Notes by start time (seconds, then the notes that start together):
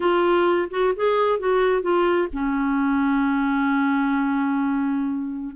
0.00 F4
0.70 F#4
0.96 G#4
1.39 F#4
1.82 F4
2.32 C#4